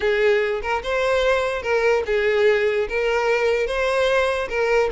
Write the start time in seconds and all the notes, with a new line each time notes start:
0.00 G#4
0.62 A#4
0.83 C5
1.62 A#4
2.06 G#4
2.88 A#4
3.66 C5
4.49 A#4